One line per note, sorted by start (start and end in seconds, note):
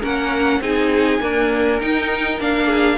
0.00 0.59 A#3
0.00 0.61 C#4
0.00 0.59 A#4
0.00 0.62 F#5
0.59 1.19 C4
0.59 1.20 D#4
0.59 1.21 G#4
0.59 1.80 G#5
1.20 1.80 A#3
1.20 1.81 D4
1.20 2.66 A#4
1.80 2.40 D#4
1.80 2.39 D#4
1.80 2.40 G5
2.39 2.98 A#3
2.39 2.98 D4
2.39 2.98 F5
2.66 2.96 G#4